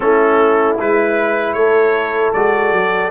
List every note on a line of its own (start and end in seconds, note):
0.00 0.79 A3
0.00 0.78 C#4
0.00 1.57 E4
0.00 0.76 A4
0.79 1.54 G#3
0.79 2.34 E4
0.79 1.53 B4
1.53 2.32 A3
1.53 3.11 A4
1.53 2.31 C#5
2.33 2.72 G#3
2.33 3.11 F#4
2.33 3.11 D5
2.72 3.11 F#3